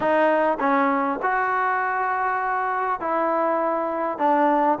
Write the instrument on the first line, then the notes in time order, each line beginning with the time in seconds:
trombone
0.00 D#4
0.59 C#4
1.22 F#4
3.00 E4
4.18 D4